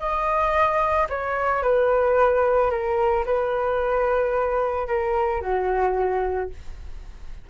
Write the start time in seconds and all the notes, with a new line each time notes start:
0.00 D#5
1.10 C#5
1.63 B4
2.71 A#4
3.26 B4
4.88 A#4
5.42 F#4